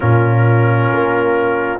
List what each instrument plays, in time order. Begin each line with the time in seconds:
0.00 tuba A#2, trombone C#4, horn F4, trumpet A#4
0.91 tuba A#3